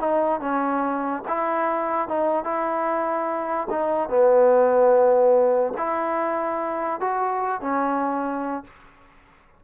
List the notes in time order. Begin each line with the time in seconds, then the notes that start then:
0.00 D#4
0.41 C#4
1.28 E4
2.09 D#4
2.45 E4
3.70 D#4
4.09 B3
5.78 E4
7.00 F#4
7.61 C#4